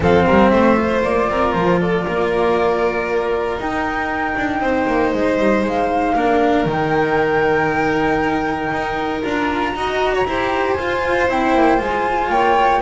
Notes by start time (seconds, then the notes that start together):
0.00 F3 C4 A4 F5
0.25 G3 A#4
0.49 A3 C5 E5
0.76 F4
1.03 A#3 D5
1.28 C4 A#4
1.53 F3 C5
1.80 A4 D5
2.04 A#3 A#4
3.57 D#4 G5
4.37 D4
4.60 C4 C5
4.86 A#3
5.13 G#3 D#5
5.38 G3
5.62 G#3 F5
6.14 A#3 D4 A#4
6.65 D#3 D#4 G5
8.71 D#4
9.22 D4 F4 A#5
9.74 D#4 F#4 D#5
10.14 C#5
10.25 E4 G4 C5
10.73 F4 G#5
10.79 F4
11.28 C4 E4 G5
11.54 A#3
11.77 G#3 F4 G#5
12.29 A#3 C#5 G5